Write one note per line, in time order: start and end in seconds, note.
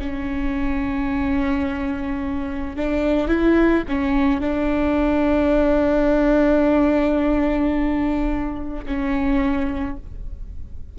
0.00 2.77 C#4
2.77 3.28 D4
3.28 3.84 E4
3.89 4.41 C#4
4.41 8.85 D4
8.86 9.97 C#4